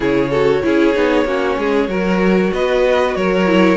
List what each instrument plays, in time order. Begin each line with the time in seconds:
0.00 cello C#3, viola E4, violin G#4 C#5
0.30 viola F#4, violin A4
0.63 cello C#4, viola E4, violin G#4
0.94 cello B3, viola D#4
1.24 cello A#3, viola C#4, violin F#4
1.57 cello G#3, violin G#4
1.88 cello F#3, viola F#4, violin A#4
2.53 cello B3, violin B4 D#5
3.15 cello F#3, violin A#4 C#5
3.46 viola E4